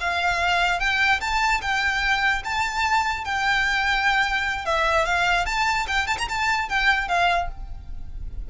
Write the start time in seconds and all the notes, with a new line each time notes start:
0.00 F5
0.79 G5
1.20 A5
1.61 G5
2.44 A5
3.24 G5
4.65 E5
5.05 F5
5.46 A5
5.87 G5
6.07 A5
6.18 A#5
6.28 A5
6.69 G5
7.08 F5